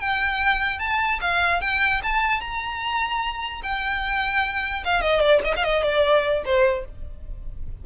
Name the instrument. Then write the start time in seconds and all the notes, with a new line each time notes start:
violin
0.00 G5
0.79 A5
1.21 F5
1.61 G5
2.03 A5
2.41 A#5
3.64 G5
4.85 F5
5.02 D#5
5.21 D5
5.45 D#5
5.57 F5
5.64 D#5
5.84 D5
6.45 C5